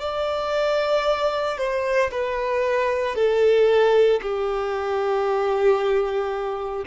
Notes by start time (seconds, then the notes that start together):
0.00 D5
1.58 C5
2.11 B4
3.15 A4
4.22 G4